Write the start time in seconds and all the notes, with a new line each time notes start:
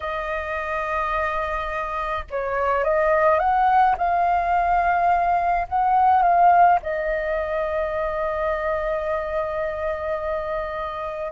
0.00 D#5
2.30 C#5
2.84 D#5
3.39 F#5
3.97 F5
5.68 F#5
6.22 F5
6.82 D#5